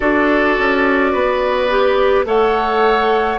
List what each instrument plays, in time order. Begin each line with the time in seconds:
0.00 bassoon D4, clarinet F#4, oboe A4, flute D5
0.58 bassoon C#4
1.12 bassoon B3, oboe B4
1.69 clarinet G4
2.25 bassoon A3, clarinet A4, oboe C#5, flute F#5